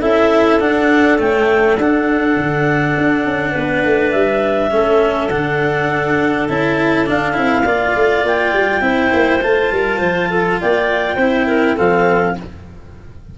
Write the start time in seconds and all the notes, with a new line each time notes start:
0.00 C#4 E4 A4 E5
0.60 D4 F#5
1.19 A3 C#4 G5
1.78 D4 F#5
2.37 D3
2.98 D4
3.25 C#4
3.52 B3 B4
3.85 A3
4.12 G3 E5
4.71 A3 C#4 A4
5.29 D3 D4 F#5
6.49 C#4 E4 A5
7.06 D4 F5
7.33 C4 E4
7.65 A#3 F4 D5
7.96 A3
8.24 A#3 G5
8.53 G3
8.81 C4 E4 C5
9.14 A#3
9.42 A3 F4 A5
9.71 G3 A#4
9.99 F3 C5
10.31 A4
10.61 A#3 D5 G5
11.17 C4 E4 C5
11.47 A#4
11.76 F3 C4 A4 F5